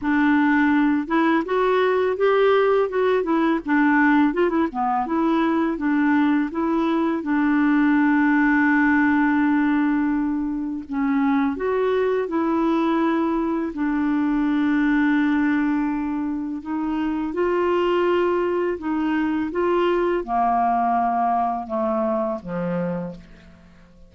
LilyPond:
\new Staff \with { instrumentName = "clarinet" } { \time 4/4 \tempo 4 = 83 d'4. e'8 fis'4 g'4 | fis'8 e'8 d'4 f'16 e'16 b8 e'4 | d'4 e'4 d'2~ | d'2. cis'4 |
fis'4 e'2 d'4~ | d'2. dis'4 | f'2 dis'4 f'4 | ais2 a4 f4 | }